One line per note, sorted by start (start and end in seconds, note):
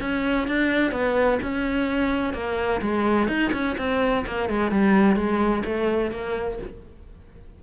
0.00 0.47 C#4
0.47 0.91 D4
0.91 1.39 B3
1.42 2.33 C#4
2.33 2.80 A#3
2.81 3.28 G#3
3.28 3.51 D#4
3.53 3.76 C#4
3.78 4.25 C4
4.26 4.49 A#3
4.49 4.71 G#3
4.71 5.16 G3
5.16 5.63 G#3
5.65 6.11 A3
6.11 6.58 A#3